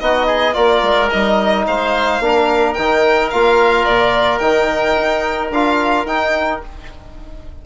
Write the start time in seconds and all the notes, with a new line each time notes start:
0.00 B3 D#4 F#4 D#5
0.26 G#4
0.53 A#3 F4 A#4 D5
0.82 G#3
1.10 G3 D#4 D#5
1.67 G#3 C5 F5
2.20 A#3 D4 A#4
2.74 D#3 D#4 G5
3.30 A#3 F4 F5
3.85 A#2 D5
4.39 D#3 D#4 G5
4.97 D#4
5.50 D4 F4 F5
6.06 D#4 G5